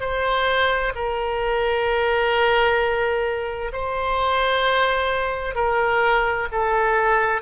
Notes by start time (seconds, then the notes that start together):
0.00 C5
0.95 A#4
3.73 C5
5.55 A#4
6.52 A4